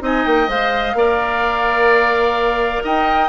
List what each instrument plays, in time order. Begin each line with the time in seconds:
0.00 bassoon C4, clarinet D#4, oboe D#5, flute G#5
0.26 bassoon A#3, flute G5
0.48 bassoon G#3, clarinet C5, flute F5
0.95 bassoon A#3, clarinet A#4, oboe D5
2.84 bassoon D#4, oboe D#5, flute G5